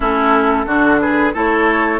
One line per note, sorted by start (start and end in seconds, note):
0.00 0.66 A3
0.00 0.66 C#4
0.00 0.65 E4
0.00 1.00 A4
0.66 1.33 D3
0.66 1.33 D4
0.66 1.00 F#4
1.00 1.33 G#4
1.00 1.34 B4
1.33 2.00 A3
1.33 2.00 E4
1.33 2.00 A4
1.33 2.00 C#5